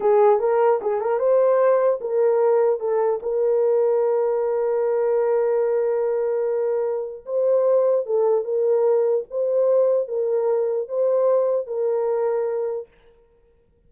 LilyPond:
\new Staff \with { instrumentName = "horn" } { \time 4/4 \tempo 4 = 149 gis'4 ais'4 gis'8 ais'8 c''4~ | c''4 ais'2 a'4 | ais'1~ | ais'1~ |
ais'2 c''2 | a'4 ais'2 c''4~ | c''4 ais'2 c''4~ | c''4 ais'2. | }